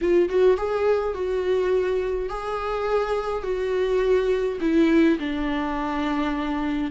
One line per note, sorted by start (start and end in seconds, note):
0.01 0.29 F4
0.29 0.57 F#4
0.57 1.14 G#4
1.14 2.29 F#4
2.29 3.43 G#4
3.43 4.58 F#4
4.60 5.18 E4
5.19 6.91 D4